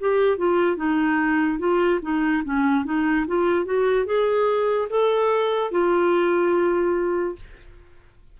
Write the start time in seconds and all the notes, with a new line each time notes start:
0.00 G4
0.38 F4
0.76 D#4
1.59 F4
2.02 D#4
2.44 C#4
2.85 D#4
3.27 F4
3.65 F#4
4.05 G#4
4.89 A4
5.71 F4